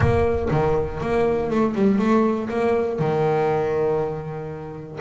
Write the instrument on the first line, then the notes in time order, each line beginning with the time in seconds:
double bass
0.00 A#3
0.50 D#3
1.00 A#3
1.50 A3
1.74 G3
1.98 A3
2.49 A#3
2.99 D#3